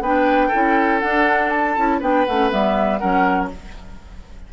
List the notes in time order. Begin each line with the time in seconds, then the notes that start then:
0.00 B3 D4 B4 G5
0.48 E4 A4
0.54 C#4
0.99 D4 F#5
1.49 A5
1.76 C#4 E4
1.99 B3 D4 B4 G5
2.25 A3 C#4 F#5
2.49 G3 B3 E5
2.98 F#3 C#4 A#4 F#5